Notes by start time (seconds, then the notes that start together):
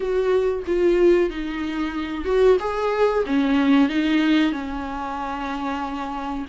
0.00 F#4
0.66 F4
1.29 D#4
2.25 F#4
2.59 G#4
3.26 C#4
3.89 D#4
4.52 C#4